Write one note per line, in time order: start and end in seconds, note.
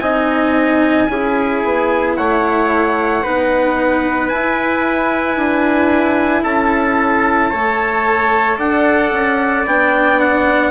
0.00 1.08 C4
0.00 1.09 D#4
0.00 1.10 D#5
0.00 2.14 G#5
1.09 1.63 C#4
1.09 3.23 E4
1.09 2.18 G#4
1.65 2.18 B3
2.17 3.26 A3
2.17 3.23 C#5
2.17 4.29 F#5
3.23 4.32 B3
3.23 4.32 D#4
3.23 6.44 B4
4.29 7.53 E4
4.29 5.37 E4
4.29 6.43 G#5
5.37 6.44 D4
6.44 7.51 C#4
6.44 7.51 A4
6.44 8.59 A5
7.51 8.59 A3
7.51 9.67 A4
7.51 8.58 C#5
8.59 9.12 D4
8.59 10.72 D5
8.59 9.67 F#5
9.12 9.66 C#4
9.66 10.72 B3
9.66 10.72 D4
9.66 10.20 G5
10.20 10.72 F#5